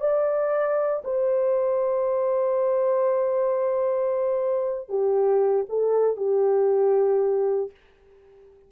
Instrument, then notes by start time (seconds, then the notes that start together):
horn
0.00 D5
1.04 C5
4.89 G4
5.69 A4
6.17 G4